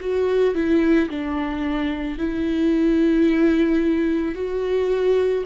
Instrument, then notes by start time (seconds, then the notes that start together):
viola
0.00 F#4
0.54 E4
1.09 D4
2.18 E4
4.35 F#4